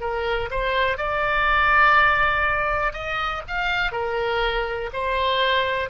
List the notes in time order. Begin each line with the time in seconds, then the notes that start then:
0.00 A#4
0.51 C5
0.97 D5
2.93 D#5
3.47 F5
3.92 A#4
4.93 C5